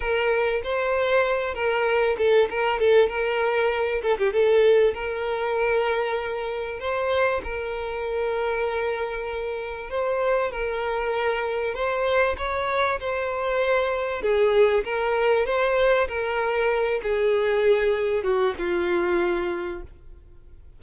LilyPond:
\new Staff \with { instrumentName = "violin" } { \time 4/4 \tempo 4 = 97 ais'4 c''4. ais'4 a'8 | ais'8 a'8 ais'4. a'16 g'16 a'4 | ais'2. c''4 | ais'1 |
c''4 ais'2 c''4 | cis''4 c''2 gis'4 | ais'4 c''4 ais'4. gis'8~ | gis'4. fis'8 f'2 | }